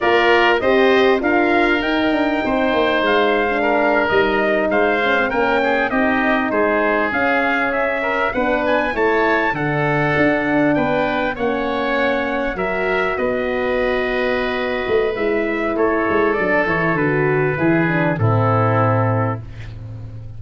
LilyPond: <<
  \new Staff \with { instrumentName = "trumpet" } { \time 4/4 \tempo 4 = 99 d''4 dis''4 f''4 g''4~ | g''4 f''4.~ f''16 dis''4 f''16~ | f''8. g''4 dis''4 c''4 f''16~ | f''8. e''4 fis''8 gis''8 a''4 fis''16~ |
fis''4.~ fis''16 g''4 fis''4~ fis''16~ | fis''8. e''4 dis''2~ dis''16~ | dis''4 e''4 cis''4 d''8 cis''8 | b'2 a'2 | }
  \new Staff \with { instrumentName = "oboe" } { \time 4/4 ais'4 c''4 ais'2 | c''2 ais'4.~ ais'16 c''16~ | c''8. ais'8 gis'8 g'4 gis'4~ gis'16~ | gis'4~ gis'16 ais'8 b'4 cis''4 a'16~ |
a'4.~ a'16 b'4 cis''4~ cis''16~ | cis''8. ais'4 b'2~ b'16~ | b'2 a'2~ | a'4 gis'4 e'2 | }
  \new Staff \with { instrumentName = "horn" } { \time 4/4 f'4 g'4 f'4 dis'4~ | dis'4.~ dis'16 d'4 dis'4~ dis'16~ | dis'16 cis'16 c'16 cis'4 dis'2 cis'16~ | cis'4.~ cis'16 d'4 e'4 d'16~ |
d'2~ d'8. cis'4~ cis'16~ | cis'8. fis'2.~ fis'16~ | fis'4 e'2 d'8 e'8 | fis'4 e'8 d'8 c'2 | }
  \new Staff \with { instrumentName = "tuba" } { \time 4/4 ais4 c'4 d'4 dis'8 d'8 | c'8 ais8 gis4.~ gis16 g4 gis16~ | gis8. ais4 c'4 gis4 cis'16~ | cis'4.~ cis'16 b4 a4 d16~ |
d8. d'4 b4 ais4~ ais16~ | ais8. fis4 b2~ b16~ | b8 a8 gis4 a8 gis8 fis8 e8 | d4 e4 a,2 | }
>>